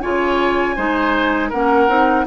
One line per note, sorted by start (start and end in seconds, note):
0.00 0.77 C#3
0.00 0.76 F4
0.00 0.75 C#5
0.00 1.50 G#5
0.75 1.52 G#3
0.75 1.51 D#4
0.75 1.49 C5
1.49 1.88 A#3
1.49 1.88 C#4
1.49 2.24 A#4
1.49 2.26 F#5
1.88 2.25 C4
1.88 2.26 D#4